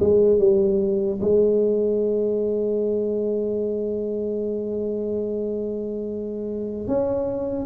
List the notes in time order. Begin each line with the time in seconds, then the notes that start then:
0.00 G#3
0.39 G3
1.21 G#3
6.88 C#4